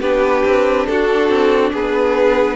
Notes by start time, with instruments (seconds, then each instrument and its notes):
0.00 cello B3, viola D4, violin G4 B4
0.44 cello C4
0.86 cello D4, violin F#4 A4
1.29 cello C4
1.72 cello B3, violin G#4 B4